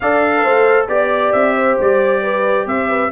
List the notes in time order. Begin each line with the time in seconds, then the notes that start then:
0.00 D4 A4 D5 F5
0.36 B4
0.44 A3 C5
0.88 B3 G4 D5
1.32 C4 E5
1.55 C5
1.78 G3 D5
2.21 B4
2.66 C4 C5 E5
2.88 B4